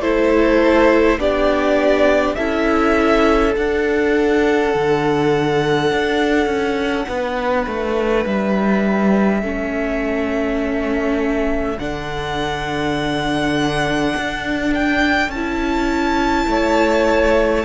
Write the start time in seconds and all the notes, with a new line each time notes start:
0.00 A3 E4 A4 C5
1.18 B3 D4 G4 D5
2.35 C#4 E4 A4 E5
3.54 D4 F#5
4.74 D3
5.91 D4
6.46 C#4
7.07 B3 B4
7.66 A3
8.25 G3 E5
9.42 A3 C#4 A4
11.79 D3 D4 F#5
14.16 D4
14.74 G5
15.28 C#4 A5
15.35 E4
16.47 A3 C#5